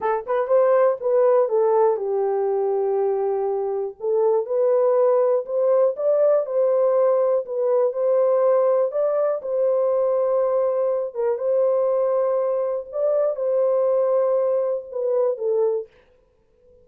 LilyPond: \new Staff \with { instrumentName = "horn" } { \time 4/4 \tempo 4 = 121 a'8 b'8 c''4 b'4 a'4 | g'1 | a'4 b'2 c''4 | d''4 c''2 b'4 |
c''2 d''4 c''4~ | c''2~ c''8 ais'8 c''4~ | c''2 d''4 c''4~ | c''2 b'4 a'4 | }